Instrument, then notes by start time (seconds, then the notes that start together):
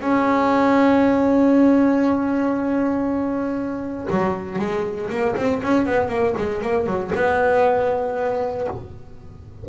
double bass
0.00 C#4
4.10 F#3
4.59 G#3
5.10 A#3
5.36 C4
5.63 C#4
5.86 B3
6.09 A#3
6.37 G#3
6.61 A#3
6.86 F#3
7.15 B3